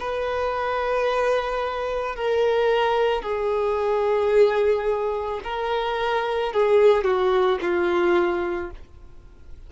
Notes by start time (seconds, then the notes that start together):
0.00 B4
2.16 A#4
3.23 G#4
5.44 A#4
6.53 G#4
7.05 F#4
7.62 F4